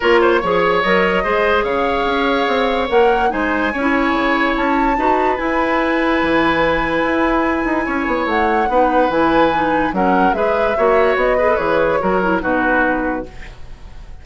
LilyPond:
<<
  \new Staff \with { instrumentName = "flute" } { \time 4/4 \tempo 4 = 145 cis''2 dis''2 | f''2. fis''4 | gis''2. a''4~ | a''4 gis''2.~ |
gis''1 | fis''2 gis''2 | fis''4 e''2 dis''4 | cis''2 b'2 | }
  \new Staff \with { instrumentName = "oboe" } { \time 4/4 ais'8 c''8 cis''2 c''4 | cis''1 | c''4 cis''2. | b'1~ |
b'2. cis''4~ | cis''4 b'2. | ais'4 b'4 cis''4. b'8~ | b'4 ais'4 fis'2 | }
  \new Staff \with { instrumentName = "clarinet" } { \time 4/4 f'4 gis'4 ais'4 gis'4~ | gis'2. ais'4 | dis'4 cis'16 e'2~ e'8. | fis'4 e'2.~ |
e'1~ | e'4 dis'4 e'4 dis'4 | cis'4 gis'4 fis'4. gis'16 a'16 | gis'4 fis'8 e'8 dis'2 | }
  \new Staff \with { instrumentName = "bassoon" } { \time 4/4 ais4 f4 fis4 gis4 | cis4 cis'4 c'4 ais4 | gis4 cis'4 cis4 cis'4 | dis'4 e'2 e4~ |
e4 e'4. dis'8 cis'8 b8 | a4 b4 e2 | fis4 gis4 ais4 b4 | e4 fis4 b,2 | }
>>